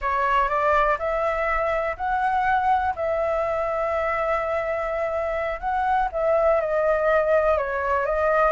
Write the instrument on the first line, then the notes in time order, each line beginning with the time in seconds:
flute
0.01 C#5
0.48 D5
0.99 E5
1.96 F#5
2.95 E5
5.60 F#5
6.12 E5
6.60 D#5
7.57 C#5
8.05 D#5